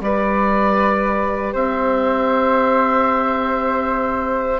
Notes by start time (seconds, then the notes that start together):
0.00 G3 G4 B4 D5
1.53 C4 C5 E5